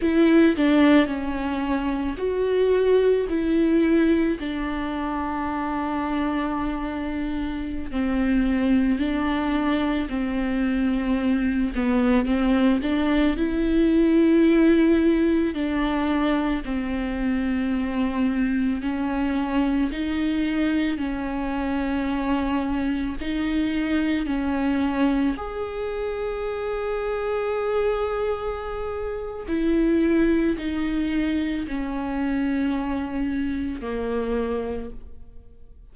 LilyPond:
\new Staff \with { instrumentName = "viola" } { \time 4/4 \tempo 4 = 55 e'8 d'8 cis'4 fis'4 e'4 | d'2.~ d'16 c'8.~ | c'16 d'4 c'4. b8 c'8 d'16~ | d'16 e'2 d'4 c'8.~ |
c'4~ c'16 cis'4 dis'4 cis'8.~ | cis'4~ cis'16 dis'4 cis'4 gis'8.~ | gis'2. e'4 | dis'4 cis'2 ais4 | }